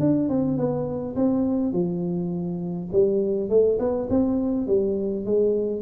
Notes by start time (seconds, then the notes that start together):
0.00 D4
0.29 C4
0.57 B3
1.16 C4
1.72 F3
2.92 G3
3.50 A3
3.79 B3
4.10 C4
4.67 G3
5.26 G#3